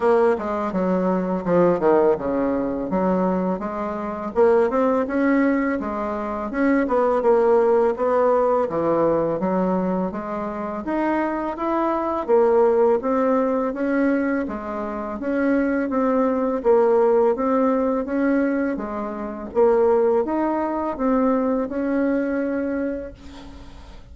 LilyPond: \new Staff \with { instrumentName = "bassoon" } { \time 4/4 \tempo 4 = 83 ais8 gis8 fis4 f8 dis8 cis4 | fis4 gis4 ais8 c'8 cis'4 | gis4 cis'8 b8 ais4 b4 | e4 fis4 gis4 dis'4 |
e'4 ais4 c'4 cis'4 | gis4 cis'4 c'4 ais4 | c'4 cis'4 gis4 ais4 | dis'4 c'4 cis'2 | }